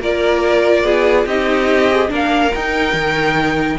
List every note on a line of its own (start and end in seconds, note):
0.00 0.84 A#3
0.00 1.28 F4
0.00 0.85 A#4
0.00 1.27 D5
0.84 1.26 B3
0.84 1.26 G#4
1.26 2.10 C4
1.26 1.90 D#4
1.26 2.10 G4
1.26 2.11 D#5
1.90 2.08 G#4
2.08 2.52 A#3
2.08 2.50 D4
2.08 3.79 A#4
2.15 2.54 F5
2.54 2.94 D#4
2.54 3.79 D#4
2.54 3.79 G5
2.94 3.78 D#3